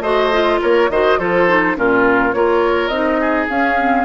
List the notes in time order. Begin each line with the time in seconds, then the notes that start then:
0.00 A3 F#4 C5 D#5
0.33 F4
0.61 A#3 A#4 C#5
0.90 D#3 F#4 C5 D#5
1.19 F3 F4 A4 C5
1.48 D#4
1.76 A#2 C#4 F4 A#4
2.33 A#3 F4 A#4 C#5
2.88 C4 D#4 D#5
3.21 G#4
3.49 C#4 F5
3.78 C4